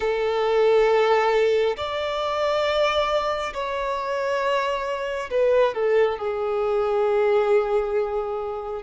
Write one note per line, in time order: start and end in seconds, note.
0.00 1.76 A4
1.76 3.53 D5
3.53 5.30 C#5
5.30 5.74 B4
5.74 6.18 A4
6.18 8.82 G#4